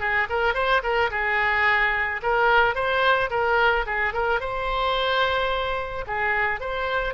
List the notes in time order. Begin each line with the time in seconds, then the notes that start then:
0.00 G#4
0.30 A#4
0.55 C5
0.83 A#4
1.11 G#4
2.23 A#4
2.75 C5
3.30 A#4
3.86 G#4
4.14 A#4
4.40 C5
6.07 G#4
6.60 C5